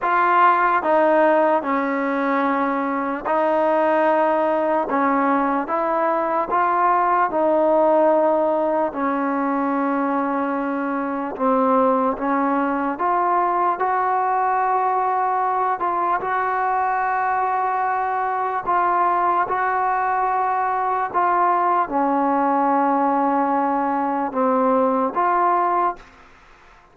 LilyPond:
\new Staff \with { instrumentName = "trombone" } { \time 4/4 \tempo 4 = 74 f'4 dis'4 cis'2 | dis'2 cis'4 e'4 | f'4 dis'2 cis'4~ | cis'2 c'4 cis'4 |
f'4 fis'2~ fis'8 f'8 | fis'2. f'4 | fis'2 f'4 cis'4~ | cis'2 c'4 f'4 | }